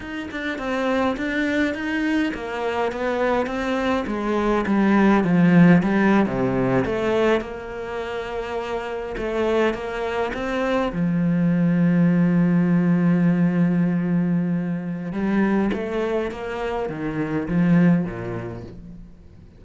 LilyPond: \new Staff \with { instrumentName = "cello" } { \time 4/4 \tempo 4 = 103 dis'8 d'8 c'4 d'4 dis'4 | ais4 b4 c'4 gis4 | g4 f4 g8. c4 a16~ | a8. ais2. a16~ |
a8. ais4 c'4 f4~ f16~ | f1~ | f2 g4 a4 | ais4 dis4 f4 ais,4 | }